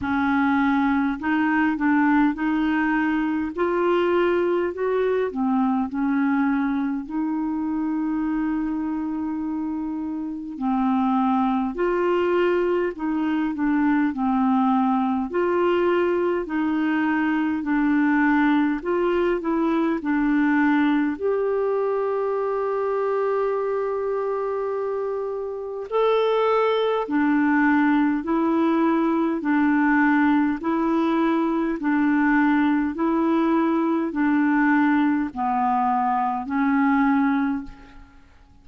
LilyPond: \new Staff \with { instrumentName = "clarinet" } { \time 4/4 \tempo 4 = 51 cis'4 dis'8 d'8 dis'4 f'4 | fis'8 c'8 cis'4 dis'2~ | dis'4 c'4 f'4 dis'8 d'8 | c'4 f'4 dis'4 d'4 |
f'8 e'8 d'4 g'2~ | g'2 a'4 d'4 | e'4 d'4 e'4 d'4 | e'4 d'4 b4 cis'4 | }